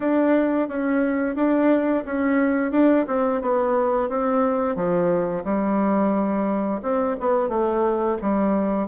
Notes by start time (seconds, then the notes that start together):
0.00 D4
0.68 C#4
1.35 D4
2.05 C#4
2.71 D4
3.07 C4
3.41 B3
4.09 C4
4.75 F3
5.44 G3
6.82 C4
7.19 B3
7.48 A3
8.21 G3